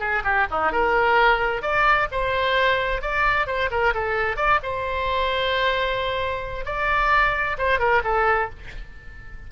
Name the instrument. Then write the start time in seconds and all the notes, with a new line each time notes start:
oboe
0.00 G#4
0.24 G4
0.51 D#4
0.72 A#4
1.62 D5
2.11 C5
3.02 D5
3.47 C5
3.71 A#4
3.94 A4
4.37 D5
4.63 C5
6.65 D5
7.58 C5
7.79 A#4
8.04 A4